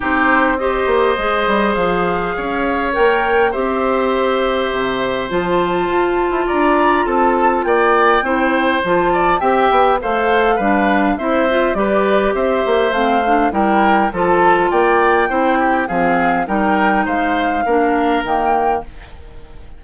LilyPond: <<
  \new Staff \with { instrumentName = "flute" } { \time 4/4 \tempo 4 = 102 c''4 dis''2 f''4~ | f''4 g''4 e''2~ | e''4 a''2 ais''4 | a''4 g''2 a''4 |
g''4 f''2 e''4 | d''4 e''4 f''4 g''4 | a''4 g''2 f''4 | g''4 f''2 g''4 | }
  \new Staff \with { instrumentName = "oboe" } { \time 4/4 g'4 c''2. | cis''2 c''2~ | c''2. d''4 | a'4 d''4 c''4. d''8 |
e''4 c''4 b'4 c''4 | b'4 c''2 ais'4 | a'4 d''4 c''8 g'8 gis'4 | ais'4 c''4 ais'2 | }
  \new Staff \with { instrumentName = "clarinet" } { \time 4/4 dis'4 g'4 gis'2~ | gis'4 ais'4 g'2~ | g'4 f'2.~ | f'2 e'4 f'4 |
g'4 a'4 d'4 e'8 f'8 | g'2 c'8 d'8 e'4 | f'2 e'4 c'4 | dis'2 d'4 ais4 | }
  \new Staff \with { instrumentName = "bassoon" } { \time 4/4 c'4. ais8 gis8 g8 f4 | cis'4 ais4 c'2 | c4 f4 f'8. e'16 d'4 | c'4 ais4 c'4 f4 |
c'8 b8 a4 g4 c'4 | g4 c'8 ais8 a4 g4 | f4 ais4 c'4 f4 | g4 gis4 ais4 dis4 | }
>>